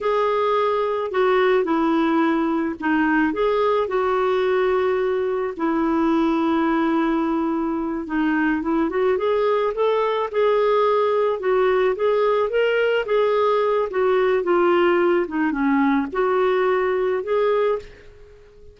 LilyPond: \new Staff \with { instrumentName = "clarinet" } { \time 4/4 \tempo 4 = 108 gis'2 fis'4 e'4~ | e'4 dis'4 gis'4 fis'4~ | fis'2 e'2~ | e'2~ e'8 dis'4 e'8 |
fis'8 gis'4 a'4 gis'4.~ | gis'8 fis'4 gis'4 ais'4 gis'8~ | gis'4 fis'4 f'4. dis'8 | cis'4 fis'2 gis'4 | }